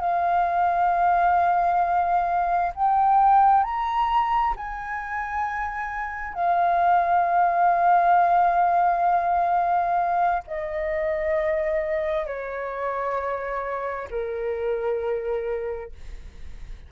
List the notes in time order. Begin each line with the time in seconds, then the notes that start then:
0.00 F5
2.74 G5
3.63 A#5
4.56 G#5
6.34 F5
10.47 D#5
12.26 C#5
14.10 A#4